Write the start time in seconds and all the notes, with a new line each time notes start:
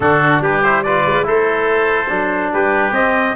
0.00 D3 D4 F#4 A4
0.40 G3 G4 B4
0.63 E4 C5
0.83 F4 B4 D5
1.06 G#3
1.23 A3 E4 A4 C5
2.08 F#3 D4
2.52 G3 G4 B4
2.91 C4 D#5